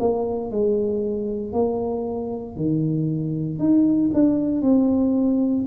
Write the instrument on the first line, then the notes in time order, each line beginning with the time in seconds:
tuba
0.00 A#3
0.51 G#3
1.53 A#3
2.56 D#3
3.59 D#4
4.14 D4
4.62 C4